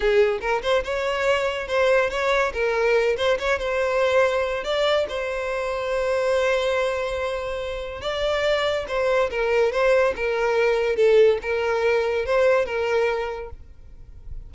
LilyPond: \new Staff \with { instrumentName = "violin" } { \time 4/4 \tempo 4 = 142 gis'4 ais'8 c''8 cis''2 | c''4 cis''4 ais'4. c''8 | cis''8 c''2~ c''8 d''4 | c''1~ |
c''2. d''4~ | d''4 c''4 ais'4 c''4 | ais'2 a'4 ais'4~ | ais'4 c''4 ais'2 | }